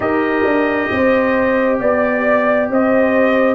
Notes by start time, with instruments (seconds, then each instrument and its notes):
0.00 tuba D#4, trombone G4, horn A#4, trumpet D#5
0.44 tuba D4
0.91 tuba C4, horn C5
1.80 tuba B3, horn D5, trumpet D5
2.70 tuba C4, horn C5, trumpet D#5